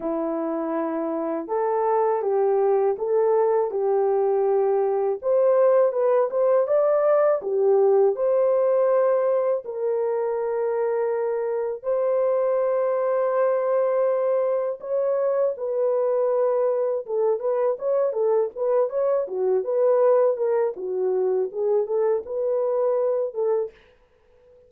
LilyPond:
\new Staff \with { instrumentName = "horn" } { \time 4/4 \tempo 4 = 81 e'2 a'4 g'4 | a'4 g'2 c''4 | b'8 c''8 d''4 g'4 c''4~ | c''4 ais'2. |
c''1 | cis''4 b'2 a'8 b'8 | cis''8 a'8 b'8 cis''8 fis'8 b'4 ais'8 | fis'4 gis'8 a'8 b'4. a'8 | }